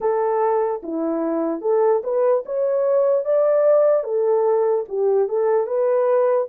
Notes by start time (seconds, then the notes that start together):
0.00 A4
0.82 E4
1.61 A4
2.03 B4
2.45 C#5
3.24 D5
4.03 A4
4.88 G4
5.28 A4
5.66 B4